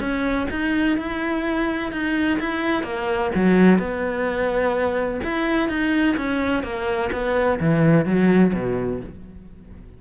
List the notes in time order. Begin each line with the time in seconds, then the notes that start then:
0.00 C#4
0.50 D#4
0.98 E4
1.92 D#4
2.39 E4
2.83 A#3
3.35 F#3
3.79 B3
5.24 E4
5.69 D#4
6.17 C#4
6.63 A#3
7.12 B3
7.60 E3
8.06 F#3
8.54 B2